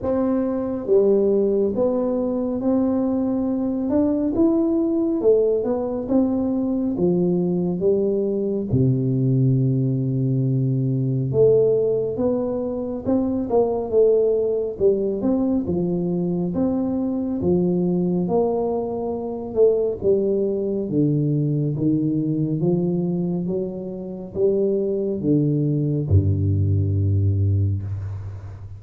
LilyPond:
\new Staff \with { instrumentName = "tuba" } { \time 4/4 \tempo 4 = 69 c'4 g4 b4 c'4~ | c'8 d'8 e'4 a8 b8 c'4 | f4 g4 c2~ | c4 a4 b4 c'8 ais8 |
a4 g8 c'8 f4 c'4 | f4 ais4. a8 g4 | d4 dis4 f4 fis4 | g4 d4 g,2 | }